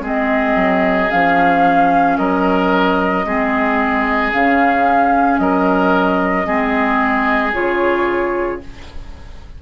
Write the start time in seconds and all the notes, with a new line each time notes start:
0.00 G#3 C4 G#4 D#5
0.55 F#3
1.10 F3 C#4 F5
2.17 F#3 A#4 D#5
3.25 G#3 C4 G#4
4.31 C#3 C#4 F5
5.38 F#3 A#4 D#5
6.45 G#3 C4 G#4
7.53 C#3 F4 C#5